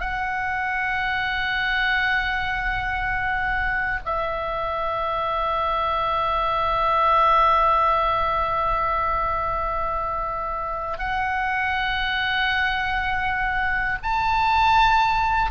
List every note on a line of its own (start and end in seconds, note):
0.00 4.00 F#5
4.05 10.98 E5
10.98 13.98 F#5
14.02 15.51 A5